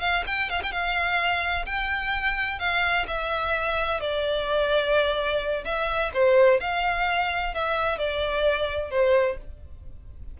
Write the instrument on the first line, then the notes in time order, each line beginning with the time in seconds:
violin
0.00 F5
0.26 G5
0.50 F5
0.62 G5
0.71 F5
1.65 G5
2.58 F5
3.07 E5
4.00 D5
5.64 E5
6.13 C5
6.60 F5
7.54 E5
7.98 D5
8.90 C5